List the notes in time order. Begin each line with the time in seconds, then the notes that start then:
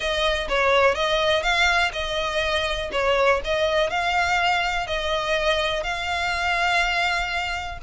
0.00 D#5
0.49 C#5
0.94 D#5
1.43 F5
1.93 D#5
2.92 C#5
3.44 D#5
3.90 F5
4.86 D#5
5.83 F5